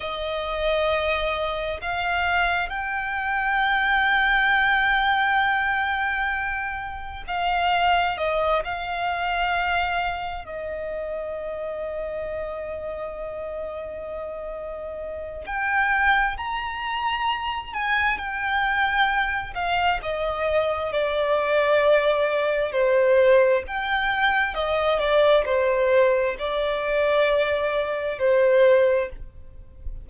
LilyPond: \new Staff \with { instrumentName = "violin" } { \time 4/4 \tempo 4 = 66 dis''2 f''4 g''4~ | g''1 | f''4 dis''8 f''2 dis''8~ | dis''1~ |
dis''4 g''4 ais''4. gis''8 | g''4. f''8 dis''4 d''4~ | d''4 c''4 g''4 dis''8 d''8 | c''4 d''2 c''4 | }